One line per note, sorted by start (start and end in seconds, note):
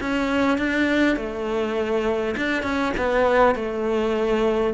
0.00 0.58 C#4
0.58 1.16 D4
1.16 2.35 A3
2.36 2.62 D4
2.62 2.92 C#4
2.97 3.55 B3
3.55 4.73 A3